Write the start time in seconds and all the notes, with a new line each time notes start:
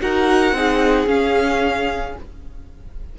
0.00 D#4 F#4 A#4 F#5
0.52 C4 D#4 G#4
1.07 C#4 F5